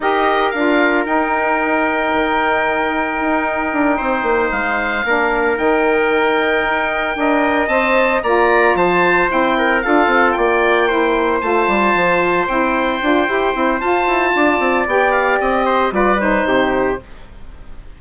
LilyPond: <<
  \new Staff \with { instrumentName = "oboe" } { \time 4/4 \tempo 4 = 113 dis''4 f''4 g''2~ | g''1~ | g''8 f''2 g''4.~ | g''2~ g''8 a''4 ais''8~ |
ais''8 a''4 g''4 f''4 g''8~ | g''4. a''2 g''8~ | g''2 a''2 | g''8 f''8 dis''4 d''8 c''4. | }
  \new Staff \with { instrumentName = "trumpet" } { \time 4/4 ais'1~ | ais'2.~ ais'8 c''8~ | c''4. ais'2~ ais'8~ | ais'4. dis''2 d''8~ |
d''8 c''4. ais'8 a'4 d''8~ | d''8 c''2.~ c''8~ | c''2. d''4~ | d''4. c''8 b'4 g'4 | }
  \new Staff \with { instrumentName = "saxophone" } { \time 4/4 g'4 f'4 dis'2~ | dis'1~ | dis'4. d'4 dis'4.~ | dis'4. ais'4 c''4 f'8~ |
f'4. e'4 f'4.~ | f'8 e'4 f'2 e'8~ | e'8 f'8 g'8 e'8 f'2 | g'2 f'8 dis'4. | }
  \new Staff \with { instrumentName = "bassoon" } { \time 4/4 dis'4 d'4 dis'2 | dis2 dis'4 d'8 c'8 | ais8 gis4 ais4 dis4.~ | dis8 dis'4 d'4 c'4 ais8~ |
ais8 f4 c'4 d'8 c'8 ais8~ | ais4. a8 g8 f4 c'8~ | c'8 d'8 e'8 c'8 f'8 e'8 d'8 c'8 | b4 c'4 g4 c4 | }
>>